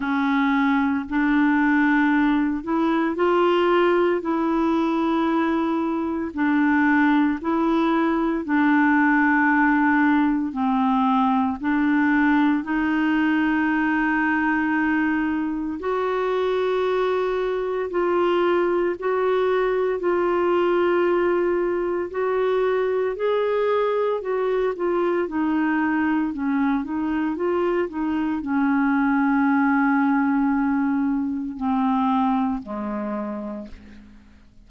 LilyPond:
\new Staff \with { instrumentName = "clarinet" } { \time 4/4 \tempo 4 = 57 cis'4 d'4. e'8 f'4 | e'2 d'4 e'4 | d'2 c'4 d'4 | dis'2. fis'4~ |
fis'4 f'4 fis'4 f'4~ | f'4 fis'4 gis'4 fis'8 f'8 | dis'4 cis'8 dis'8 f'8 dis'8 cis'4~ | cis'2 c'4 gis4 | }